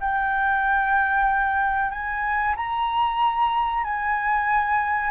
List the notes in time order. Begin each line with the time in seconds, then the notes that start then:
0.00 G5
1.91 G#5
2.56 A#5
3.83 G#5